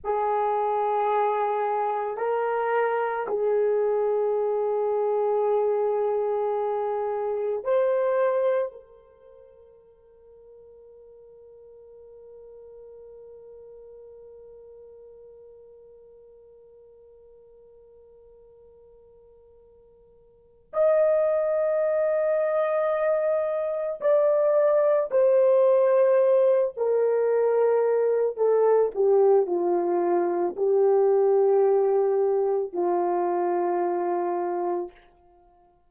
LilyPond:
\new Staff \with { instrumentName = "horn" } { \time 4/4 \tempo 4 = 55 gis'2 ais'4 gis'4~ | gis'2. c''4 | ais'1~ | ais'1~ |
ais'2. dis''4~ | dis''2 d''4 c''4~ | c''8 ais'4. a'8 g'8 f'4 | g'2 f'2 | }